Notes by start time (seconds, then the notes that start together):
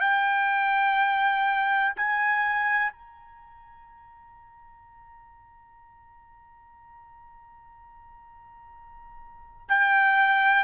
0.00 G5
1.96 G#5
2.92 A#5
9.69 G5